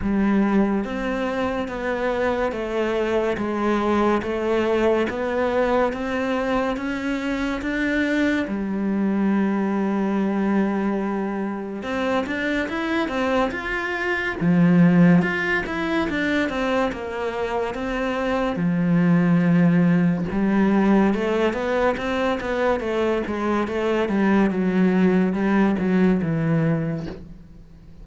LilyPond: \new Staff \with { instrumentName = "cello" } { \time 4/4 \tempo 4 = 71 g4 c'4 b4 a4 | gis4 a4 b4 c'4 | cis'4 d'4 g2~ | g2 c'8 d'8 e'8 c'8 |
f'4 f4 f'8 e'8 d'8 c'8 | ais4 c'4 f2 | g4 a8 b8 c'8 b8 a8 gis8 | a8 g8 fis4 g8 fis8 e4 | }